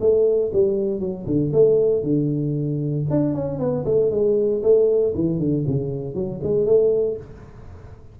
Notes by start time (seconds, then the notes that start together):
0.00 A3
0.53 G3
1.00 F#3
1.26 D3
1.53 A3
2.03 D3
3.10 D4
3.34 C#4
3.59 B3
3.85 A3
4.10 G#3
4.62 A3
5.14 E3
5.39 D3
5.67 C#3
6.14 F#3
6.43 G#3
6.65 A3